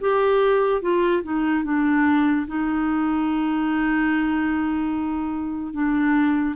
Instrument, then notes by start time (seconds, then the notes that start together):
clarinet
0.00 G4
0.81 F4
1.23 D#4
1.64 D4
2.47 D#4
5.73 D4